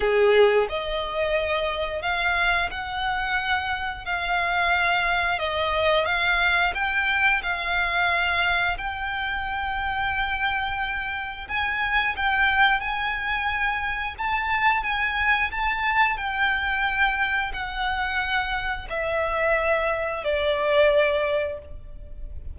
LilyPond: \new Staff \with { instrumentName = "violin" } { \time 4/4 \tempo 4 = 89 gis'4 dis''2 f''4 | fis''2 f''2 | dis''4 f''4 g''4 f''4~ | f''4 g''2.~ |
g''4 gis''4 g''4 gis''4~ | gis''4 a''4 gis''4 a''4 | g''2 fis''2 | e''2 d''2 | }